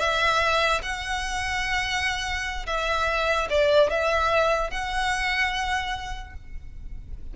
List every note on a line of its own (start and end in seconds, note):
0.00 0.82 E5
0.83 2.66 F#5
2.67 3.48 E5
3.50 3.91 D5
3.91 4.71 E5
4.71 6.34 F#5